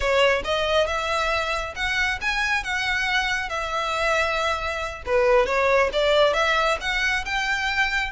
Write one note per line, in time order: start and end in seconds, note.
0.00 0.42 C#5
0.44 0.86 D#5
0.86 1.74 E5
1.75 2.19 F#5
2.21 2.63 G#5
2.63 3.49 F#5
3.49 5.02 E5
5.06 5.46 B4
5.46 5.89 C#5
5.92 6.33 D5
6.33 6.77 E5
6.80 7.24 F#5
7.25 8.11 G5